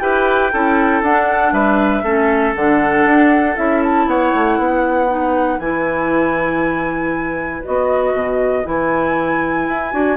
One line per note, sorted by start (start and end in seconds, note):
0.00 0.52 E4
0.00 0.51 G4
0.00 0.53 B4
0.00 1.02 G5
0.53 1.02 C#4
0.53 1.04 E4
0.53 1.53 A4
1.02 1.52 D4
1.02 2.04 D4
1.02 1.53 F#5
1.52 2.03 G3
1.52 2.03 B4
1.52 2.54 E5
2.03 2.54 A3
2.03 2.55 C#4
2.03 4.06 A4
2.55 3.05 D3
2.55 3.56 D4
2.55 3.57 F#5
3.05 3.56 D4
3.56 4.07 C#4
3.56 5.08 E4
3.56 3.82 E5
3.83 4.08 A5
4.07 4.32 B3
4.07 4.59 C#5
4.07 5.59 F#5
4.35 4.59 A3
4.59 5.59 B3
4.59 10.17 B4
5.08 5.59 D#4
5.59 7.62 E3
5.59 7.64 E4
5.59 7.63 G#5
7.64 8.13 B3
7.64 8.64 F#4
7.64 8.66 D#5
8.13 8.64 B2
8.64 9.68 E3
8.64 9.92 E4
8.64 10.17 G#5
9.68 9.93 E4
9.92 10.17 D4
9.92 10.17 F#4